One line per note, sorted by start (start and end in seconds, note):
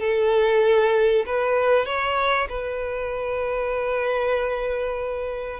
0.00 1.25 A4
1.26 1.85 B4
1.85 2.48 C#5
2.49 5.60 B4